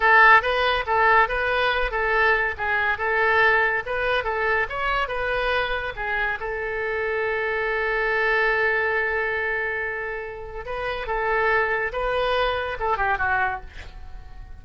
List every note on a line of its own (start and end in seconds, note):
0.00 0.41 A4
0.41 0.84 B4
0.86 1.28 A4
1.28 1.91 B4
1.91 2.54 A4
2.57 2.97 G#4
2.97 3.83 A4
3.86 4.24 B4
4.24 4.66 A4
4.69 5.08 C#5
5.08 5.93 B4
5.96 6.38 G#4
6.39 10.65 A4
10.65 11.06 B4
11.06 11.91 A4
11.92 12.77 B4
12.79 12.97 A4
12.97 13.18 G4
13.18 13.60 F#4